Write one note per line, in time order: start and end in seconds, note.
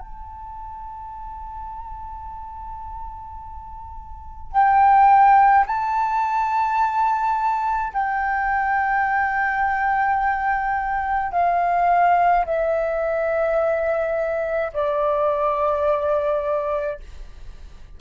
0.00 4.52 A5
4.52 5.65 G5
5.67 7.93 A5
7.93 11.32 G5
11.32 12.45 F5
12.46 14.72 E5
14.73 17.00 D5